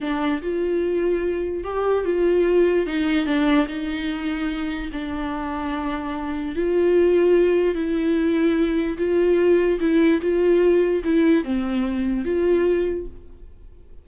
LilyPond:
\new Staff \with { instrumentName = "viola" } { \time 4/4 \tempo 4 = 147 d'4 f'2. | g'4 f'2 dis'4 | d'4 dis'2. | d'1 |
f'2. e'4~ | e'2 f'2 | e'4 f'2 e'4 | c'2 f'2 | }